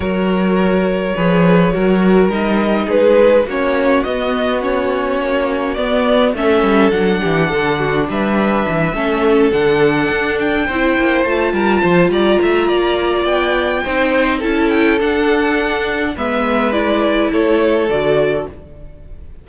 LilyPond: <<
  \new Staff \with { instrumentName = "violin" } { \time 4/4 \tempo 4 = 104 cis''1 | dis''4 b'4 cis''4 dis''4 | cis''2 d''4 e''4 | fis''2 e''2~ |
e''8 fis''4. g''4. a''8~ | a''4 ais''2 g''4~ | g''4 a''8 g''8 fis''2 | e''4 d''4 cis''4 d''4 | }
  \new Staff \with { instrumentName = "violin" } { \time 4/4 ais'2 b'4 ais'4~ | ais'4 gis'4 fis'2~ | fis'2. a'4~ | a'8 g'8 a'8 fis'8 b'4. a'8~ |
a'2~ a'8 c''4. | ais'8 c''8 d''8 e''8 d''2 | c''4 a'2. | b'2 a'2 | }
  \new Staff \with { instrumentName = "viola" } { \time 4/4 fis'2 gis'4 fis'4 | dis'2 cis'4 b4 | cis'2 b4 cis'4 | d'2.~ d'8 cis'8~ |
cis'8 d'2 e'4 f'8~ | f'1 | dis'4 e'4 d'2 | b4 e'2 fis'4 | }
  \new Staff \with { instrumentName = "cello" } { \time 4/4 fis2 f4 fis4 | g4 gis4 ais4 b4~ | b4 ais4 b4 a8 g8 | fis8 e8 d4 g4 e8 a8~ |
a8 d4 d'4 c'8 ais8 a8 | g8 f8 g8 a8 ais4 b4 | c'4 cis'4 d'2 | gis2 a4 d4 | }
>>